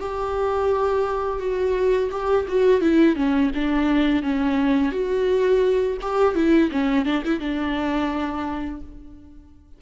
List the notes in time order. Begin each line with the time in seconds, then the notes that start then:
0.00 G4
1.40 F#4
2.11 G4
2.49 F#4
2.81 E4
3.16 C#4
3.55 D4
4.23 C#4
4.92 F#4
6.02 G4
6.35 E4
6.72 C#4
7.06 D4
7.25 E4
7.40 D4